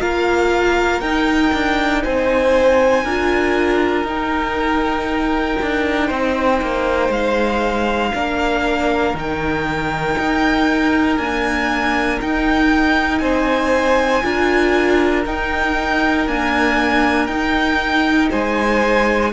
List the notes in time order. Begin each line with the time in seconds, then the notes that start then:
0.00 A#3 F4 A#4 F5
1.01 D#4 G5
1.54 D4
2.03 C4 C5 G#5
3.04 D4 F4 A#4
4.04 D#4 G5
5.62 D4
6.07 C4 C5
6.62 A#3
7.10 G#3 F5
8.14 A#3 D4 A#4
9.14 D#3 D#4 G5
10.18 D#4
11.18 A#3 D4 G#5
12.22 D#4 G5
13.19 C4 C5 G#5
14.23 D4 F4 A#4
15.26 D#4 G5
16.28 A#3 D4 G#5
17.27 D#4 G5
18.30 G#3 C5 G#5